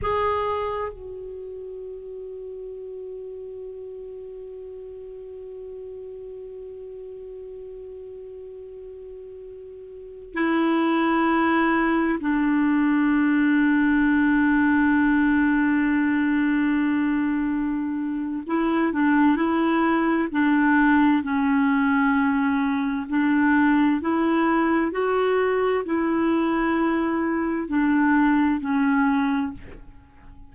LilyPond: \new Staff \with { instrumentName = "clarinet" } { \time 4/4 \tempo 4 = 65 gis'4 fis'2.~ | fis'1~ | fis'2.~ fis'16 e'8.~ | e'4~ e'16 d'2~ d'8.~ |
d'1 | e'8 d'8 e'4 d'4 cis'4~ | cis'4 d'4 e'4 fis'4 | e'2 d'4 cis'4 | }